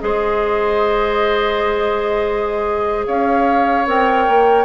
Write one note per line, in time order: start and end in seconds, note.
0.00 3.07 G#3
0.00 3.85 G#4
0.00 3.07 C5
0.00 3.05 D#5
3.06 3.87 C#4
3.06 4.65 C#5
3.06 3.87 F5
3.86 4.27 C4
3.86 4.65 A#4
3.86 4.65 G5
4.28 4.65 A#3